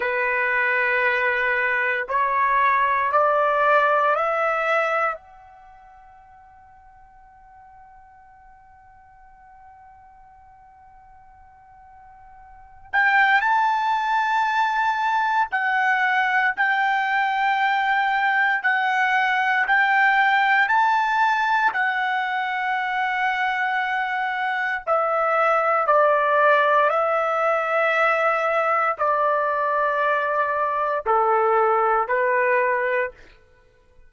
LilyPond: \new Staff \with { instrumentName = "trumpet" } { \time 4/4 \tempo 4 = 58 b'2 cis''4 d''4 | e''4 fis''2.~ | fis''1~ | fis''8 g''8 a''2 fis''4 |
g''2 fis''4 g''4 | a''4 fis''2. | e''4 d''4 e''2 | d''2 a'4 b'4 | }